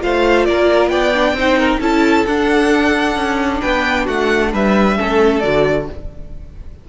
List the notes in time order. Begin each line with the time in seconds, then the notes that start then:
0.00 A3 F4 C5 F5
0.45 A#3 A#4 D5
0.89 B3 D5 G5
1.14 D4
1.33 C4 D#4 C5
1.59 A#4
1.80 C#4 E4 A4 A5
2.26 D4 F#5
3.16 C#4
3.61 B3 B4 G5
4.05 A3 F#4 F#5
4.53 G3 B4 E5
4.97 A3 C#4 A4
5.39 D3 F#4 D5